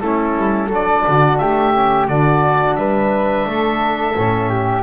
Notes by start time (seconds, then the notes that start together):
0.00 A3 C#4 E4 A4
0.37 G3
0.67 F#3 D4 A4
0.75 D5
1.07 D3 F#4
1.38 A3 G4 E5
1.74 C#4
2.08 D3 D4 F#4 D5
2.76 G3 B4 E5
3.46 A3 A4
4.16 A2 C#4
4.50 G4